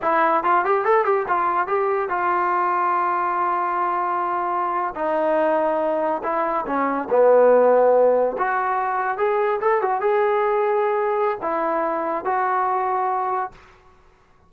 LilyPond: \new Staff \with { instrumentName = "trombone" } { \time 4/4 \tempo 4 = 142 e'4 f'8 g'8 a'8 g'8 f'4 | g'4 f'2.~ | f'2.~ f'8. dis'16~ | dis'2~ dis'8. e'4 cis'16~ |
cis'8. b2. fis'16~ | fis'4.~ fis'16 gis'4 a'8 fis'8 gis'16~ | gis'2. e'4~ | e'4 fis'2. | }